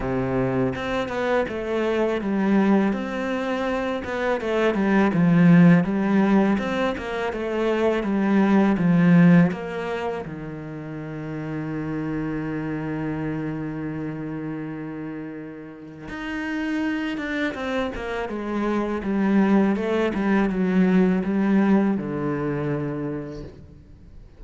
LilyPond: \new Staff \with { instrumentName = "cello" } { \time 4/4 \tempo 4 = 82 c4 c'8 b8 a4 g4 | c'4. b8 a8 g8 f4 | g4 c'8 ais8 a4 g4 | f4 ais4 dis2~ |
dis1~ | dis2 dis'4. d'8 | c'8 ais8 gis4 g4 a8 g8 | fis4 g4 d2 | }